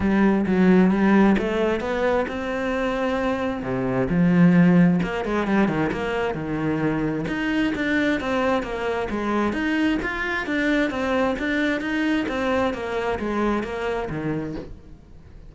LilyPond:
\new Staff \with { instrumentName = "cello" } { \time 4/4 \tempo 4 = 132 g4 fis4 g4 a4 | b4 c'2. | c4 f2 ais8 gis8 | g8 dis8 ais4 dis2 |
dis'4 d'4 c'4 ais4 | gis4 dis'4 f'4 d'4 | c'4 d'4 dis'4 c'4 | ais4 gis4 ais4 dis4 | }